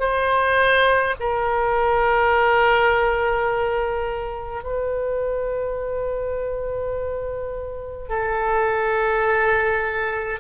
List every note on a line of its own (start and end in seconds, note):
0.00 1.15 C5
1.21 4.64 A#4
4.64 8.09 B4
8.09 10.40 A4